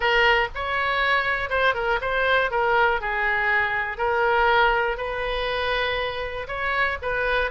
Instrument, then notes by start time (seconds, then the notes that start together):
oboe
0.00 A#4
0.54 C#5
1.49 C5
1.74 A#4
2.01 C5
2.50 A#4
3.00 G#4
3.97 A#4
4.97 B4
6.47 C#5
7.01 B4